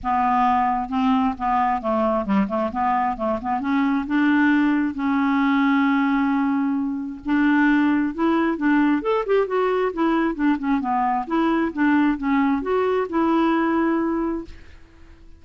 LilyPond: \new Staff \with { instrumentName = "clarinet" } { \time 4/4 \tempo 4 = 133 b2 c'4 b4 | a4 g8 a8 b4 a8 b8 | cis'4 d'2 cis'4~ | cis'1 |
d'2 e'4 d'4 | a'8 g'8 fis'4 e'4 d'8 cis'8 | b4 e'4 d'4 cis'4 | fis'4 e'2. | }